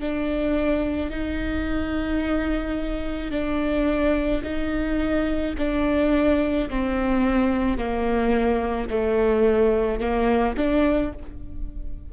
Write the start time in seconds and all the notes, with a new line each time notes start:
0.00 D4
1.11 D#4
3.31 D4
4.43 D#4
5.58 D4
6.70 C4
7.78 A#3
8.90 A3
10.00 A#3
10.57 D4